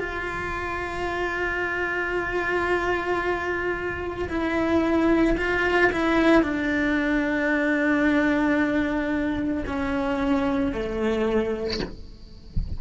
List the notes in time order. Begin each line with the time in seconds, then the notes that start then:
0.00 F4
4.29 E4
5.37 F4
5.92 E4
6.43 D4
9.67 C#4
10.73 A3